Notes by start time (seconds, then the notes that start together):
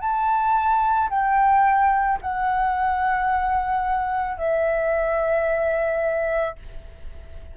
0.00 A5
1.10 G5
2.21 F#5
4.37 E5